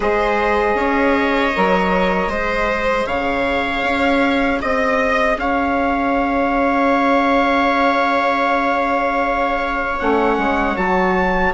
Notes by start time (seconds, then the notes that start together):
0.00 G#3 G#4 C5 D#5
0.74 C#4 C#5
1.55 F#3 A#4
2.27 G#3 G#4 C5
3.06 C#3 C#5 F5
3.83 C#4
4.60 C4 D#5
5.36 C#4 C#5 F5
9.98 A3 C#4 F#5
10.37 G#3
10.76 F#3 F#4 A5